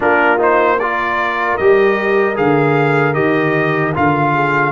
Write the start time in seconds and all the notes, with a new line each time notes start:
0.00 A#3 D4 F4 A#4
0.38 D#4 C5
0.79 F4 A#4 D5
1.57 G3 G4 D#5
2.35 D3 G#4 F5
3.13 D#3 G4 D#5
3.94 D3 F4 F5
4.33 G#4